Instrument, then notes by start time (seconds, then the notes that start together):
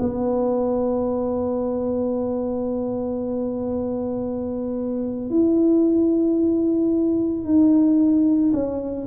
tuba
0.00 B3
5.31 E4
7.45 D#4
8.53 C#4